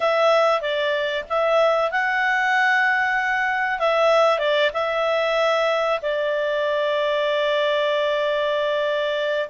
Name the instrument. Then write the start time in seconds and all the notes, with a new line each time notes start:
clarinet
0.00 E5
0.61 D5
1.29 E5
1.91 F#5
3.79 E5
4.39 D5
4.73 E5
6.02 D5